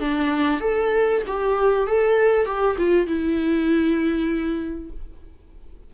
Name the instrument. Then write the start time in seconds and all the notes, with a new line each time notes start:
viola
0.00 D4
0.60 A4
1.27 G4
1.87 A4
2.45 G4
2.78 F4
3.06 E4